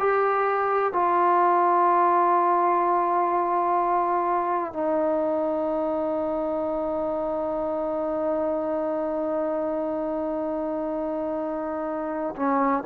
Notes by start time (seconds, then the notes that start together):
0.00 G4
0.94 F4
4.74 D#4
12.37 C#4